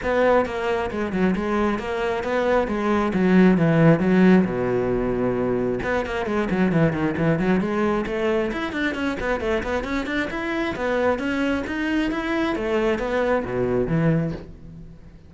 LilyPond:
\new Staff \with { instrumentName = "cello" } { \time 4/4 \tempo 4 = 134 b4 ais4 gis8 fis8 gis4 | ais4 b4 gis4 fis4 | e4 fis4 b,2~ | b,4 b8 ais8 gis8 fis8 e8 dis8 |
e8 fis8 gis4 a4 e'8 d'8 | cis'8 b8 a8 b8 cis'8 d'8 e'4 | b4 cis'4 dis'4 e'4 | a4 b4 b,4 e4 | }